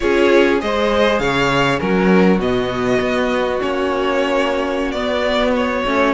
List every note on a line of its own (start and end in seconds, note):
0.00 0.62 C#4
0.00 0.59 F4
0.00 0.61 G#4
0.00 0.58 C#5
0.59 1.19 G#3
0.59 1.78 G#4
0.59 1.21 C5
0.59 1.19 D#5
1.19 1.79 C#3
1.19 1.81 C#5
1.19 1.79 F5
1.78 2.38 F#3
1.78 2.38 C#4
1.78 6.13 F#4
1.78 2.39 A#4
2.38 2.98 B2
2.38 3.60 B3
2.38 3.61 D#5
3.00 3.60 B3
3.60 4.93 A#3
3.60 4.95 C#4
3.60 4.91 C#5
4.91 5.83 B3
4.91 5.85 B3
4.91 5.51 D5
5.56 6.13 C#5
5.85 6.13 A3
5.85 6.13 C#4